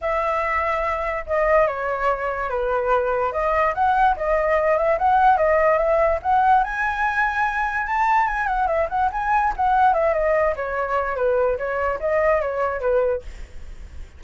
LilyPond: \new Staff \with { instrumentName = "flute" } { \time 4/4 \tempo 4 = 145 e''2. dis''4 | cis''2 b'2 | dis''4 fis''4 dis''4. e''8 | fis''4 dis''4 e''4 fis''4 |
gis''2. a''4 | gis''8 fis''8 e''8 fis''8 gis''4 fis''4 | e''8 dis''4 cis''4. b'4 | cis''4 dis''4 cis''4 b'4 | }